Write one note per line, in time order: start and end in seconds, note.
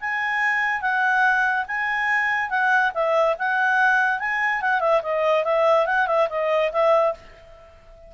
0.00 0.81 G#5
0.81 1.65 F#5
1.67 2.50 G#5
2.50 2.92 F#5
2.94 3.36 E5
3.38 4.19 F#5
4.19 4.61 G#5
4.61 4.80 F#5
4.80 5.01 E5
5.02 5.44 D#5
5.44 5.86 E5
5.86 6.07 F#5
6.07 6.28 E5
6.29 6.71 D#5
6.72 7.14 E5